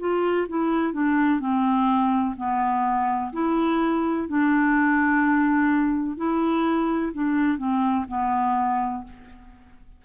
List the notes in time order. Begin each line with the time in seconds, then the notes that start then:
0.00 F4
0.49 E4
0.94 D4
1.40 C4
2.37 B3
3.33 E4
4.29 D4
6.17 E4
7.13 D4
7.58 C4
8.09 B3